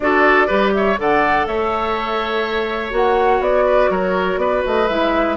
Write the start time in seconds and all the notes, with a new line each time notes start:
0.00 D4 F#4 A4 D5
0.47 G3 G4 B4
0.73 C#5 E5
0.97 D3 A4 D5 F#5
1.46 A3 C#5 E5
2.90 A#3 F#4 F#5
3.40 B3 D5
3.65 B4
3.90 F#3 A#4 C#5
4.36 B3 B4 D5
4.66 A3 D#5
4.88 G#3 E4 E5